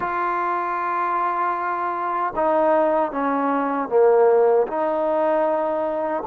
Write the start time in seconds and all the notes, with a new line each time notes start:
0.00 F4
2.36 D#4
3.11 C#4
3.89 A#3
4.67 D#4